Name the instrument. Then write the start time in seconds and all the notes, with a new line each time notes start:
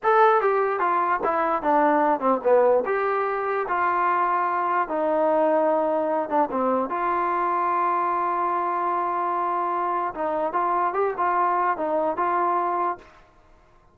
trombone
0.03 A4
0.41 G4
0.79 F4
1.24 E4
1.62 D4
2.20 C4
2.43 B3
2.85 G4
3.68 F4
4.88 D#4
6.29 D4
6.51 C4
6.89 F4
10.14 D#4
10.53 F4
10.93 G4
11.17 F4
11.77 D#4
12.16 F4